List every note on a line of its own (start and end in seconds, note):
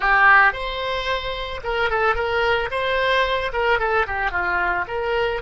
0.00 0.53 G4
0.53 1.61 C5
1.63 1.89 A#4
1.89 2.15 A4
2.15 2.69 A#4
2.70 3.51 C5
3.52 3.79 A#4
3.79 4.06 A4
4.06 4.31 G4
4.31 4.85 F4
4.87 5.42 A#4